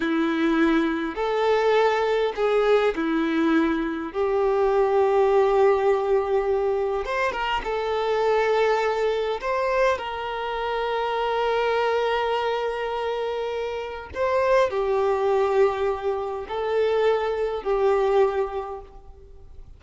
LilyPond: \new Staff \with { instrumentName = "violin" } { \time 4/4 \tempo 4 = 102 e'2 a'2 | gis'4 e'2 g'4~ | g'1 | c''8 ais'8 a'2. |
c''4 ais'2.~ | ais'1 | c''4 g'2. | a'2 g'2 | }